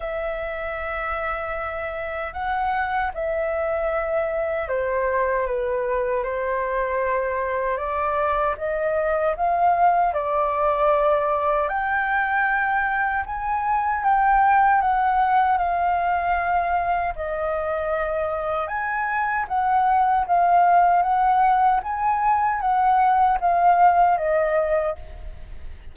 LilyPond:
\new Staff \with { instrumentName = "flute" } { \time 4/4 \tempo 4 = 77 e''2. fis''4 | e''2 c''4 b'4 | c''2 d''4 dis''4 | f''4 d''2 g''4~ |
g''4 gis''4 g''4 fis''4 | f''2 dis''2 | gis''4 fis''4 f''4 fis''4 | gis''4 fis''4 f''4 dis''4 | }